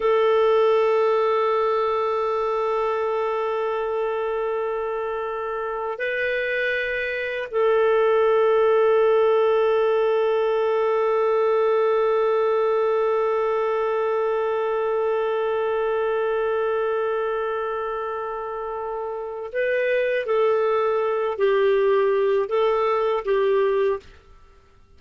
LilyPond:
\new Staff \with { instrumentName = "clarinet" } { \time 4/4 \tempo 4 = 80 a'1~ | a'1 | b'2 a'2~ | a'1~ |
a'1~ | a'1~ | a'2 b'4 a'4~ | a'8 g'4. a'4 g'4 | }